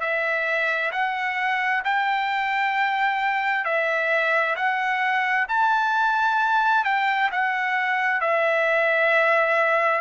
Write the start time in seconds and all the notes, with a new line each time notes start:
0.00 E5
0.91 F#5
1.84 G5
3.64 E5
4.55 F#5
5.48 A5
6.84 G5
7.31 F#5
8.20 E5